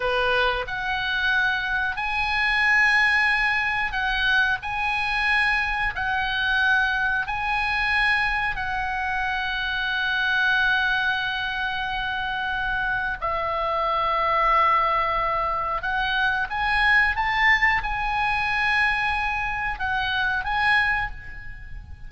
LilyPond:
\new Staff \with { instrumentName = "oboe" } { \time 4/4 \tempo 4 = 91 b'4 fis''2 gis''4~ | gis''2 fis''4 gis''4~ | gis''4 fis''2 gis''4~ | gis''4 fis''2.~ |
fis''1 | e''1 | fis''4 gis''4 a''4 gis''4~ | gis''2 fis''4 gis''4 | }